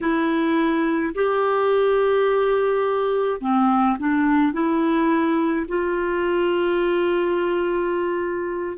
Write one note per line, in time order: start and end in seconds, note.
0.00 1.13 E4
1.14 3.40 G4
3.40 3.97 C4
3.99 4.52 D4
4.52 5.66 E4
5.68 8.77 F4